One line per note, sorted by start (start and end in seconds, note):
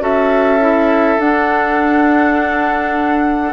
0.00 1.18 C#4
0.00 0.59 F#4
0.00 3.53 A4
0.00 1.21 E5
0.61 1.19 E4
1.19 3.53 D4
1.19 3.53 F#5